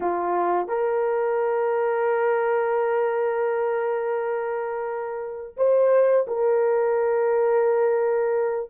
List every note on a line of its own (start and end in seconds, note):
0.00 0.68 F4
0.68 5.56 A#4
5.56 6.26 C5
6.27 8.70 A#4